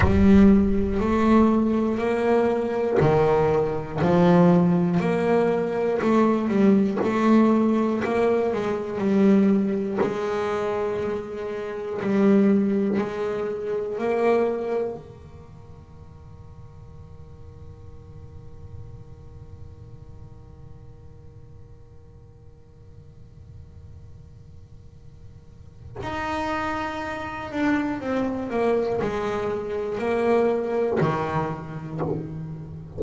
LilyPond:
\new Staff \with { instrumentName = "double bass" } { \time 4/4 \tempo 4 = 60 g4 a4 ais4 dis4 | f4 ais4 a8 g8 a4 | ais8 gis8 g4 gis2 | g4 gis4 ais4 dis4~ |
dis1~ | dis1~ | dis2 dis'4. d'8 | c'8 ais8 gis4 ais4 dis4 | }